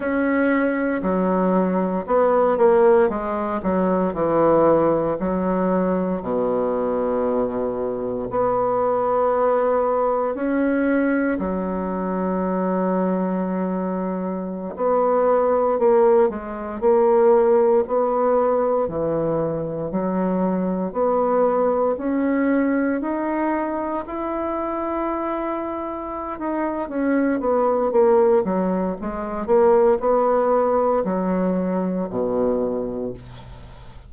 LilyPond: \new Staff \with { instrumentName = "bassoon" } { \time 4/4 \tempo 4 = 58 cis'4 fis4 b8 ais8 gis8 fis8 | e4 fis4 b,2 | b2 cis'4 fis4~ | fis2~ fis16 b4 ais8 gis16~ |
gis16 ais4 b4 e4 fis8.~ | fis16 b4 cis'4 dis'4 e'8.~ | e'4. dis'8 cis'8 b8 ais8 fis8 | gis8 ais8 b4 fis4 b,4 | }